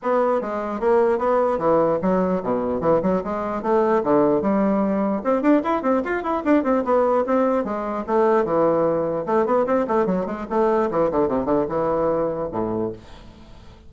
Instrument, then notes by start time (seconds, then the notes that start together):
bassoon
0.02 B3
0.41 G#3
0.80 A#3
1.18 B3
1.58 E3
2.02 F#3
2.43 B2
2.80 E3
3.02 F#3
3.24 G#3
3.62 A3
4.03 D3
4.41 G3
5.24 C4
5.42 D4
5.63 E4
5.82 C4
6.04 F4
6.23 E4
6.44 D4
6.63 C4
6.84 B3
7.26 C4
7.64 G#3
8.06 A3
8.45 E3
9.26 A3
9.46 B3
9.66 C4
9.87 A3
10.06 F#3
10.26 G#3
10.49 A3
10.90 E3
11.11 D3
11.28 C3
11.45 D3
11.68 E3
12.52 A2